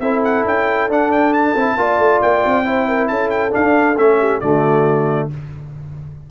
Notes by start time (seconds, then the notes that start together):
0.00 C4 E4 A4 E5
0.25 F#5
0.46 C#4 G5
0.88 D4 F#5
1.12 G5
1.34 A5
1.56 C4 E4
1.77 A#3 F4 D5
1.99 A3
2.22 A#3 G5
2.45 C4
2.65 E4 C5
2.89 A#4
3.08 C#4 A4 A5
3.31 G5
3.51 D4 F5
3.98 A3 C#4 E5
4.20 G4
4.41 D3 A3 F#4 D5